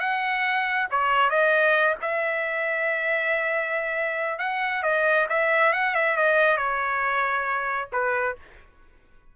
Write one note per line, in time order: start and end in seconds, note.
0.00 0.88 F#5
0.91 1.30 C#5
1.30 1.96 D#5
2.02 4.39 E5
4.39 4.83 F#5
4.83 5.27 D#5
5.30 5.73 E5
5.73 5.95 F#5
5.95 6.17 E5
6.17 6.58 D#5
6.58 7.89 C#5
7.92 8.36 B4